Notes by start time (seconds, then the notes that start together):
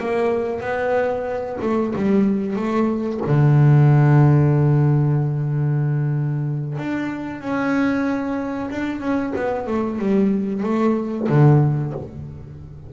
0.00 A#3
0.61 B3
1.62 A3
1.96 G3
2.56 A3
3.27 D3
6.78 D4
7.41 C#4
8.71 D4
9.01 C#4
9.36 B3
9.67 A3
9.99 G3
10.63 A3
11.29 D3